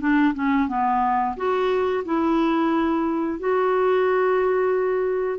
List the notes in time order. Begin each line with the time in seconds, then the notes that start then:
0.00 D4
0.34 C#4
0.68 B3
1.36 F#4
2.05 E4
3.40 F#4